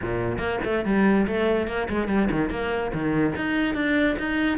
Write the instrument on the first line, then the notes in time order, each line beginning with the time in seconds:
cello
0.01 A#2
0.38 A#3
0.64 A3
0.85 G3
1.27 A3
1.67 A#3
1.89 G#3
2.08 G3
2.30 D#3
2.50 A#3
2.93 D#3
3.35 D#4
3.74 D4
4.18 D#4